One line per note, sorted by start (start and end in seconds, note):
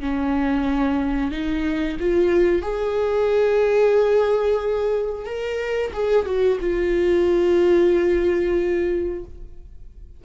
0.00 1.31 C#4
1.31 1.97 D#4
1.99 2.61 F4
2.61 5.25 G#4
5.25 5.91 A#4
5.93 6.25 G#4
6.25 6.58 F#4
6.60 9.24 F4